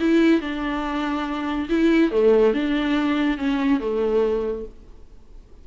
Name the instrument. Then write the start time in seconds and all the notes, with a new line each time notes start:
viola
0.00 E4
0.40 D4
1.69 E4
2.11 A3
2.54 D4
3.38 C#4
3.80 A3